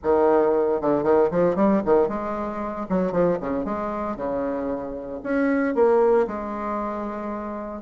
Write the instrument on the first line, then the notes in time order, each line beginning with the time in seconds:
bassoon
0.03 D#3
0.81 D3
1.03 D#3
1.30 F3
1.55 G3
1.85 D#3
2.08 G#3
2.89 F#3
3.12 F3
3.40 C#3
3.65 G#3
4.16 C#3
5.23 C#4
5.74 A#3
6.27 G#3